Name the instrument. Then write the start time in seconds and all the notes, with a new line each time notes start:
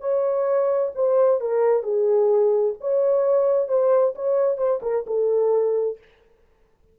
horn
0.00 C#5
0.95 C5
1.40 A#4
1.83 G#4
2.80 C#5
3.68 C5
4.15 C#5
4.57 C5
4.82 A#4
5.06 A4